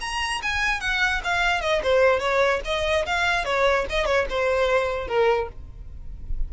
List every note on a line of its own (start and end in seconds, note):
0.00 0.41 A#5
0.42 0.80 G#5
0.80 1.21 F#5
1.24 1.61 F5
1.61 1.81 D#5
1.83 2.19 C5
2.19 2.60 C#5
2.64 3.05 D#5
3.06 3.45 F5
3.45 3.85 C#5
3.89 4.05 D#5
4.05 4.25 C#5
4.29 5.07 C5
5.07 5.48 A#4